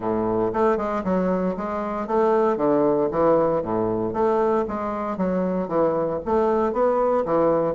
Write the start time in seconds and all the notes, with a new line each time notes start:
0.00 A2
0.53 A3
0.77 G#3
1.03 F#3
1.56 G#3
2.07 A3
2.57 D3
3.11 E3
3.62 A2
4.13 A3
4.68 G#3
5.17 F#3
5.68 E3
6.25 A3
6.72 B3
7.25 E3